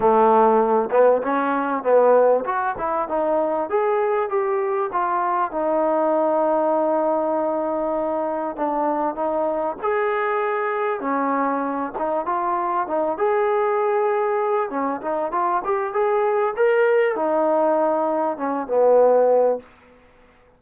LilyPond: \new Staff \with { instrumentName = "trombone" } { \time 4/4 \tempo 4 = 98 a4. b8 cis'4 b4 | fis'8 e'8 dis'4 gis'4 g'4 | f'4 dis'2.~ | dis'2 d'4 dis'4 |
gis'2 cis'4. dis'8 | f'4 dis'8 gis'2~ gis'8 | cis'8 dis'8 f'8 g'8 gis'4 ais'4 | dis'2 cis'8 b4. | }